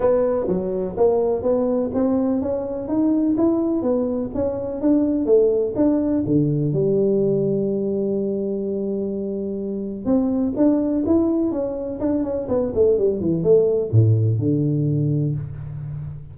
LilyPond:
\new Staff \with { instrumentName = "tuba" } { \time 4/4 \tempo 4 = 125 b4 fis4 ais4 b4 | c'4 cis'4 dis'4 e'4 | b4 cis'4 d'4 a4 | d'4 d4 g2~ |
g1~ | g4 c'4 d'4 e'4 | cis'4 d'8 cis'8 b8 a8 g8 e8 | a4 a,4 d2 | }